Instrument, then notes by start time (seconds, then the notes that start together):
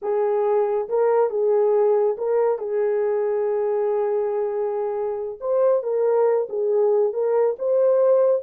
horn
0.02 G#4
0.88 A#4
1.29 G#4
2.17 A#4
2.58 G#4
5.40 C5
5.82 A#4
6.49 G#4
7.13 A#4
7.59 C5